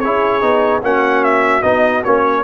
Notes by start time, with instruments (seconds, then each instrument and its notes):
0.00 tuba C#4, trombone E4, horn G#4, trumpet C#5
0.42 tuba B3, trombone D#4
0.82 tuba A#3, trombone C#4, horn F#4, trumpet F#5
1.24 trumpet E5
1.62 tuba B3, trombone D#4, trumpet D#5
2.04 tuba A#3, trombone C#4, trumpet C#5